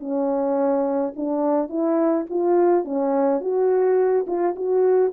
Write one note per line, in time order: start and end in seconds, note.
0.00 1.13 C#4
1.16 1.69 D4
1.69 2.26 E4
2.30 2.85 F4
2.85 3.41 C#4
3.41 4.26 F#4
4.27 4.55 F4
4.56 5.13 F#4